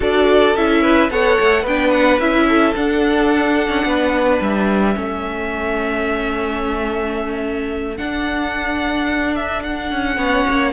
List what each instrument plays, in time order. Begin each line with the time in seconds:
0.00 cello D4, viola F#4, violin A4 D5
0.55 cello C#4, viola E4, violin E5
0.82 violin B4
1.09 cello B3, viola A4, violin C#5 F#5
1.40 cello A3
1.62 cello B3, viola D4, violin B4 G5
1.91 violin F#5
2.19 cello C#4, viola E4, violin E5
2.48 violin A4
2.75 viola D4, cello D4, violin F#5
3.69 cello C#4
3.84 cello B3, violin B4
4.40 cello G3, violin E5
4.94 cello A3, viola C#4, violin A4
7.97 viola D4, cello D4, violin F#5
9.35 violin E5
9.63 violin F#5
9.92 cello C#4
10.17 cello B3, viola C#4, violin C#5
10.48 cello A#3